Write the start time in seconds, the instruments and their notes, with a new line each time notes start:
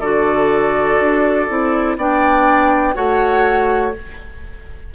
0.00 bassoon D3, clarinet F#4, oboe A4, flute D5
0.99 bassoon D4
1.49 bassoon C4, clarinet E4
1.97 bassoon B3, clarinet D4, oboe D5, flute G5
2.94 bassoon A3, clarinet F#4, oboe C#5, flute F#5